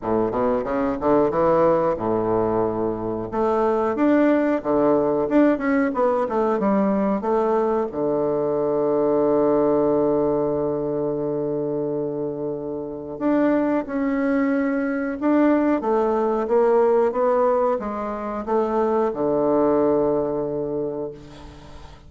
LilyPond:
\new Staff \with { instrumentName = "bassoon" } { \time 4/4 \tempo 4 = 91 a,8 b,8 cis8 d8 e4 a,4~ | a,4 a4 d'4 d4 | d'8 cis'8 b8 a8 g4 a4 | d1~ |
d1 | d'4 cis'2 d'4 | a4 ais4 b4 gis4 | a4 d2. | }